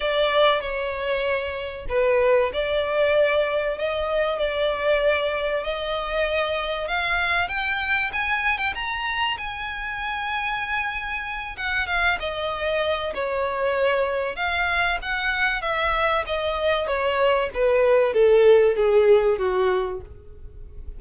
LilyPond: \new Staff \with { instrumentName = "violin" } { \time 4/4 \tempo 4 = 96 d''4 cis''2 b'4 | d''2 dis''4 d''4~ | d''4 dis''2 f''4 | g''4 gis''8. g''16 ais''4 gis''4~ |
gis''2~ gis''8 fis''8 f''8 dis''8~ | dis''4 cis''2 f''4 | fis''4 e''4 dis''4 cis''4 | b'4 a'4 gis'4 fis'4 | }